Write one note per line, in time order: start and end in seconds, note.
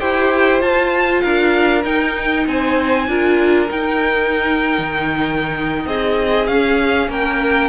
0.00 0.62 E4
0.00 0.60 G4
0.00 1.23 C5
0.00 0.62 G5
0.60 1.84 F4
0.60 1.23 F4
0.60 1.20 A5
1.20 1.84 D4
1.20 2.47 A#4
1.20 1.82 F5
1.84 2.46 D#4
1.84 3.08 D#4
1.84 2.47 G5
2.47 3.08 C4
2.47 3.09 C5
2.47 3.71 G#5
3.08 3.70 D4
3.08 3.68 F4
3.08 5.87 A#4
3.68 6.46 D#4
3.68 4.79 D#4
3.68 5.87 G5
4.79 5.86 D#3
5.86 6.48 C4
5.86 7.10 G#4
5.86 6.47 D#5
6.47 7.09 C#4
6.47 7.70 C#4
6.47 7.09 F5
7.09 7.70 A#3
7.09 7.70 A#4
7.09 7.70 G5